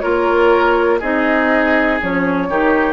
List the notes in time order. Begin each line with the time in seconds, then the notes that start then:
0.00 A#3 F4 A#4 C#5
1.00 C4 D#4 G#4 D#5
2.01 F3 C#4 C#5
2.49 D#3 D#4 G4